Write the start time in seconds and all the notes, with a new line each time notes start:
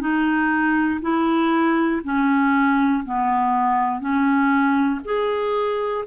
0.00 D#4
1.01 E4
2.03 C#4
3.04 B3
4.00 C#4
5.04 G#4